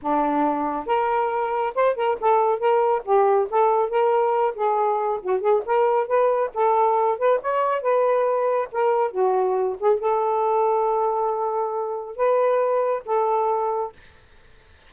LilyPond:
\new Staff \with { instrumentName = "saxophone" } { \time 4/4 \tempo 4 = 138 d'2 ais'2 | c''8 ais'8 a'4 ais'4 g'4 | a'4 ais'4. gis'4. | fis'8 gis'8 ais'4 b'4 a'4~ |
a'8 b'8 cis''4 b'2 | ais'4 fis'4. gis'8 a'4~ | a'1 | b'2 a'2 | }